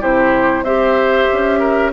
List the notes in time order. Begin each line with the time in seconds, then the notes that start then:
0.00 C3 E4 G4 C5
0.62 C4 G4 C5 E5
1.32 C#4
1.59 A#4